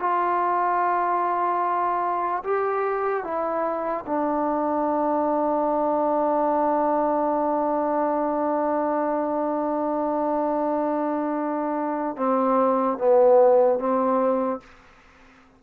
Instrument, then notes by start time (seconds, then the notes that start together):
trombone
0.00 F4
2.44 G4
3.24 E4
4.07 D4
12.17 C4
12.98 B3
13.79 C4